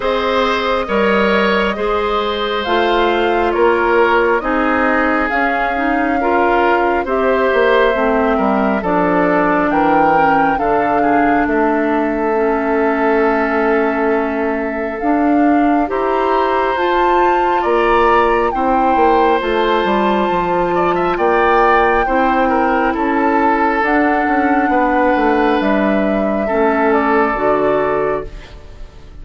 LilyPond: <<
  \new Staff \with { instrumentName = "flute" } { \time 4/4 \tempo 4 = 68 dis''2. f''4 | cis''4 dis''4 f''2 | e''2 d''4 g''4 | f''4 e''2.~ |
e''4 f''4 ais''4 a''4 | ais''4 g''4 a''2 | g''2 a''4 fis''4~ | fis''4 e''4. d''4. | }
  \new Staff \with { instrumentName = "oboe" } { \time 4/4 c''4 cis''4 c''2 | ais'4 gis'2 ais'4 | c''4. ais'8 a'4 ais'4 | a'8 gis'8 a'2.~ |
a'2 c''2 | d''4 c''2~ c''8 d''16 e''16 | d''4 c''8 ais'8 a'2 | b'2 a'2 | }
  \new Staff \with { instrumentName = "clarinet" } { \time 4/4 gis'4 ais'4 gis'4 f'4~ | f'4 dis'4 cis'8 dis'8 f'4 | g'4 c'4 d'4. cis'8 | d'2 cis'2~ |
cis'4 d'4 g'4 f'4~ | f'4 e'4 f'2~ | f'4 e'2 d'4~ | d'2 cis'4 fis'4 | }
  \new Staff \with { instrumentName = "bassoon" } { \time 4/4 c'4 g4 gis4 a4 | ais4 c'4 cis'2 | c'8 ais8 a8 g8 f4 e4 | d4 a2.~ |
a4 d'4 e'4 f'4 | ais4 c'8 ais8 a8 g8 f4 | ais4 c'4 cis'4 d'8 cis'8 | b8 a8 g4 a4 d4 | }
>>